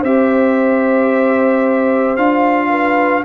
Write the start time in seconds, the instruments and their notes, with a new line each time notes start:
0.00 tuba C4, trombone G4, horn C5, trumpet E5
2.17 tuba D4, trombone F4, trumpet F5
2.69 horn B4